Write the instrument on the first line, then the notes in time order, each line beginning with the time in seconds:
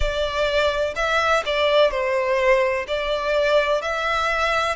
violin
0.00 D5
0.95 E5
1.45 D5
1.90 C5
2.87 D5
3.81 E5